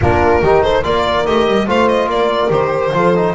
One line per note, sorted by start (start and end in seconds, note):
0.01 0.42 A#3
0.01 0.42 D4
0.01 0.42 F4
0.01 0.62 A#4
0.42 0.84 D#3
0.42 0.83 D#4
0.42 0.62 G4
0.62 0.83 A4
0.62 0.83 C5
0.83 1.26 A#3
0.83 1.25 F4
0.83 1.67 A#4
0.83 1.26 D5
1.26 1.47 A3
1.26 1.66 G4
1.26 1.68 D#5
1.47 1.67 G3
1.66 2.06 A3
1.66 2.50 F4
1.66 2.09 C5
1.66 1.87 F5
1.87 2.08 D#5
2.06 2.48 A#3
2.06 2.94 A#4
2.06 2.51 D5
2.50 2.92 D#3
2.50 2.92 G4
2.50 3.35 C5
2.92 3.34 F3
2.92 3.14 F4
2.92 3.35 A4
3.15 3.35 D#4